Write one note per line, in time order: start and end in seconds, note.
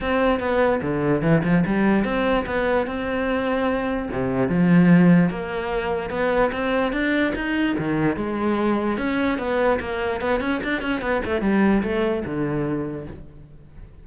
0.01 0.39 C4
0.39 0.80 B3
0.82 1.22 D3
1.22 1.42 E3
1.44 1.64 F3
1.65 2.04 G3
2.04 2.45 C4
2.46 2.86 B3
2.86 4.09 C4
4.11 4.48 C3
4.48 5.29 F3
5.29 6.10 A#3
6.10 6.50 B3
6.52 6.92 C4
6.92 7.33 D4
7.35 7.76 D#4
7.78 8.16 D#3
8.16 8.97 G#3
8.97 9.38 C#4
9.38 9.79 B3
9.80 10.20 A#3
10.20 10.40 B3
10.40 10.60 C#4
10.63 10.81 D4
10.81 11.01 C#4
11.01 11.21 B3
11.25 11.41 A3
11.41 11.82 G3
11.83 12.23 A3
12.25 13.06 D3